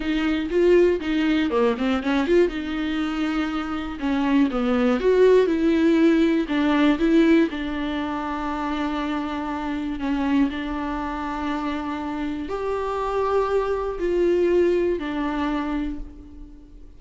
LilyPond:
\new Staff \with { instrumentName = "viola" } { \time 4/4 \tempo 4 = 120 dis'4 f'4 dis'4 ais8 c'8 | cis'8 f'8 dis'2. | cis'4 b4 fis'4 e'4~ | e'4 d'4 e'4 d'4~ |
d'1 | cis'4 d'2.~ | d'4 g'2. | f'2 d'2 | }